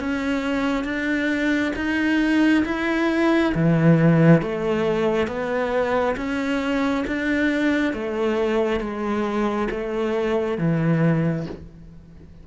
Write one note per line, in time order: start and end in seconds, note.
0.00 0.84 C#4
0.84 1.72 D4
1.76 2.64 D#4
2.65 3.53 E4
3.55 4.42 E3
4.42 5.27 A3
5.27 6.16 B3
6.16 7.05 C#4
7.07 7.94 D4
7.94 8.80 A3
8.80 9.68 G#3
9.71 10.58 A3
10.58 11.46 E3